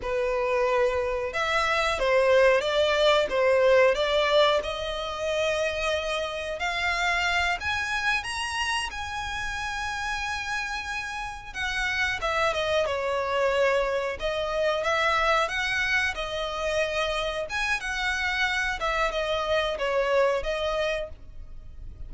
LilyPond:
\new Staff \with { instrumentName = "violin" } { \time 4/4 \tempo 4 = 91 b'2 e''4 c''4 | d''4 c''4 d''4 dis''4~ | dis''2 f''4. gis''8~ | gis''8 ais''4 gis''2~ gis''8~ |
gis''4. fis''4 e''8 dis''8 cis''8~ | cis''4. dis''4 e''4 fis''8~ | fis''8 dis''2 gis''8 fis''4~ | fis''8 e''8 dis''4 cis''4 dis''4 | }